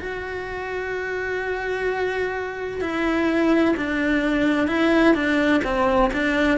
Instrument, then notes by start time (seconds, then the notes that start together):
cello
0.00 F#4
2.82 E4
3.77 D4
4.68 E4
5.15 D4
5.65 C4
6.13 D4